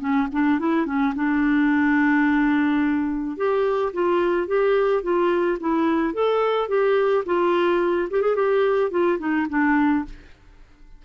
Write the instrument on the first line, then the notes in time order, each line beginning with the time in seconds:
clarinet
0.00 C#4
0.32 D4
0.59 E4
0.86 C#4
1.15 D4
3.37 G4
3.93 F4
4.47 G4
5.03 F4
5.60 E4
6.14 A4
6.69 G4
7.26 F4
8.11 G4
8.22 G#4
8.36 G4
8.91 F4
9.19 D#4
9.49 D4